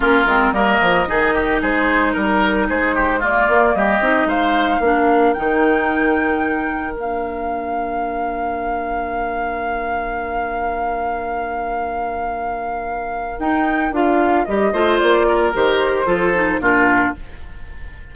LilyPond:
<<
  \new Staff \with { instrumentName = "flute" } { \time 4/4 \tempo 4 = 112 ais'4 dis''2 c''4 | ais'4 c''4 d''4 dis''4 | f''2 g''2~ | g''4 f''2.~ |
f''1~ | f''1~ | f''4 g''4 f''4 dis''4 | d''4 c''2 ais'4 | }
  \new Staff \with { instrumentName = "oboe" } { \time 4/4 f'4 ais'4 gis'8 g'8 gis'4 | ais'4 gis'8 g'8 f'4 g'4 | c''4 ais'2.~ | ais'1~ |
ais'1~ | ais'1~ | ais'2.~ ais'8 c''8~ | c''8 ais'4. a'4 f'4 | }
  \new Staff \with { instrumentName = "clarinet" } { \time 4/4 cis'8 c'8 ais4 dis'2~ | dis'2 ais4. dis'8~ | dis'4 d'4 dis'2~ | dis'4 d'2.~ |
d'1~ | d'1~ | d'4 dis'4 f'4 g'8 f'8~ | f'4 g'4 f'8 dis'8 d'4 | }
  \new Staff \with { instrumentName = "bassoon" } { \time 4/4 ais8 gis8 g8 f8 dis4 gis4 | g4 gis4. ais8 g8 c'8 | gis4 ais4 dis2~ | dis4 ais2.~ |
ais1~ | ais1~ | ais4 dis'4 d'4 g8 a8 | ais4 dis4 f4 ais,4 | }
>>